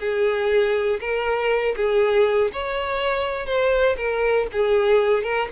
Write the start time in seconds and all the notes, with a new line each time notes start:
0.00 G#4
1.00 A#4
1.77 G#4
2.53 C#5
3.47 C5
3.97 A#4
4.53 G#4
5.24 A#4